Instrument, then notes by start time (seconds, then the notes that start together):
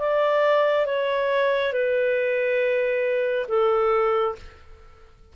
clarinet
0.00 D5
0.86 C#5
1.73 B4
3.49 A4